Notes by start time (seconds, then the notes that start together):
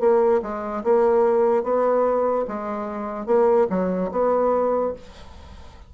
0.00 A#3
0.42 G#3
0.84 A#3
1.63 B3
2.48 G#3
3.26 A#3
3.70 F#3
4.11 B3